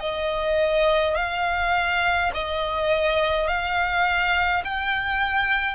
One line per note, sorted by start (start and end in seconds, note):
0.00 1.15 D#5
1.16 2.31 F5
2.34 3.48 D#5
3.48 4.63 F5
4.65 5.75 G5